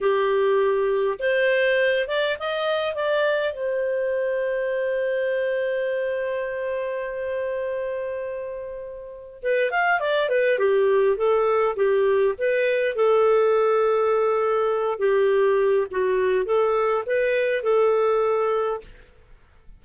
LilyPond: \new Staff \with { instrumentName = "clarinet" } { \time 4/4 \tempo 4 = 102 g'2 c''4. d''8 | dis''4 d''4 c''2~ | c''1~ | c''1 |
b'8 f''8 d''8 b'8 g'4 a'4 | g'4 b'4 a'2~ | a'4. g'4. fis'4 | a'4 b'4 a'2 | }